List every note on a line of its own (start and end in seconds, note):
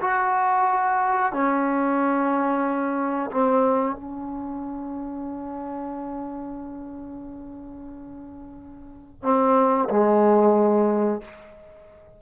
0.00 1.32 F#4
1.32 3.30 C#4
3.31 3.95 C4
3.95 9.22 C#4
9.22 9.88 C4
9.89 11.21 G#3